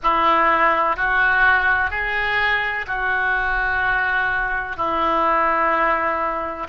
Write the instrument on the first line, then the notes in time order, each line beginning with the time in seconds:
oboe
0.03 E4
0.96 F#4
1.90 G#4
2.87 F#4
4.76 E4